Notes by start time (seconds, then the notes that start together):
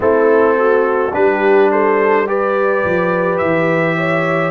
0.00 A3 C4 E4 A4
0.58 F#4
1.13 G3 D4 G4 B4
1.71 A4 C5
2.26 G4 B4 D5
2.84 F3
3.38 E3 E5
3.97 C#5